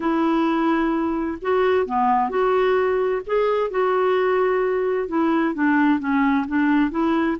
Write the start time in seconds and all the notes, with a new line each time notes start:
0.00 E4
1.41 F#4
1.85 B3
2.29 F#4
3.26 G#4
3.70 F#4
5.08 E4
5.54 D4
5.99 C#4
6.47 D4
6.91 E4